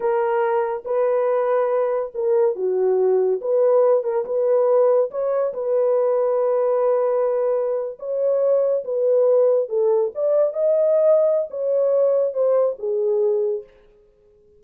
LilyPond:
\new Staff \with { instrumentName = "horn" } { \time 4/4 \tempo 4 = 141 ais'2 b'2~ | b'4 ais'4 fis'2 | b'4. ais'8 b'2 | cis''4 b'2.~ |
b'2~ b'8. cis''4~ cis''16~ | cis''8. b'2 a'4 d''16~ | d''8. dis''2~ dis''16 cis''4~ | cis''4 c''4 gis'2 | }